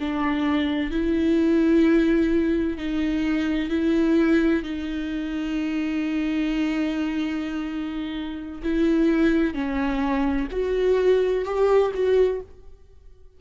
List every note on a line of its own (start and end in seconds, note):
0.00 0.91 D4
0.91 2.78 E4
2.78 3.70 D#4
3.70 4.64 E4
4.64 8.62 D#4
8.63 9.55 E4
9.55 10.48 C#4
10.51 11.45 F#4
11.45 11.92 G4
11.94 12.41 F#4